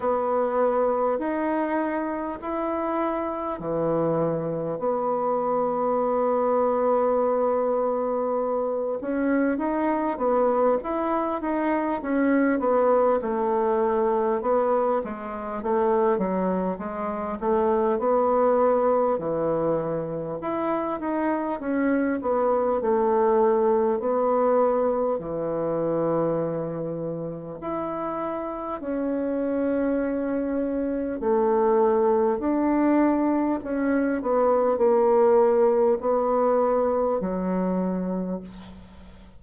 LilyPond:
\new Staff \with { instrumentName = "bassoon" } { \time 4/4 \tempo 4 = 50 b4 dis'4 e'4 e4 | b2.~ b8 cis'8 | dis'8 b8 e'8 dis'8 cis'8 b8 a4 | b8 gis8 a8 fis8 gis8 a8 b4 |
e4 e'8 dis'8 cis'8 b8 a4 | b4 e2 e'4 | cis'2 a4 d'4 | cis'8 b8 ais4 b4 fis4 | }